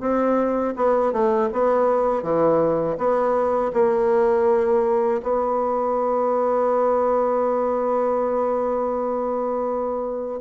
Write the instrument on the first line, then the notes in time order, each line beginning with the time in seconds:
bassoon
0.00 C4
0.76 B3
1.12 A3
1.53 B3
2.23 E3
2.98 B3
3.73 A#3
5.23 B3